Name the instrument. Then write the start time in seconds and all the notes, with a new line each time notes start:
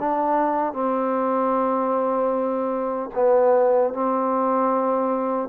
trombone
0.00 D4
0.73 C4
3.15 B3
3.94 C4